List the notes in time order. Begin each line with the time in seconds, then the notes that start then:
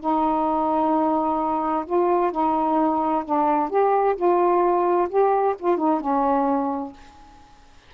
0.00 D#4
1.85 F4
2.31 D#4
3.24 D4
3.69 G4
4.16 F4
5.09 G4
5.59 F4
5.77 D#4
6.00 C#4